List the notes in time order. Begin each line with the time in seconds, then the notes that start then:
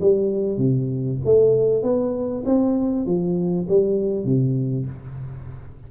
0.00 G3
0.57 C3
1.24 A3
1.83 B3
2.45 C4
3.06 F3
3.68 G3
4.24 C3